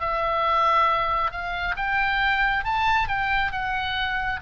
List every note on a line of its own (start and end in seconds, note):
0.00 1.31 E5
1.31 1.75 F5
1.76 2.64 G5
2.64 3.08 A5
3.08 3.52 G5
3.52 4.40 F#5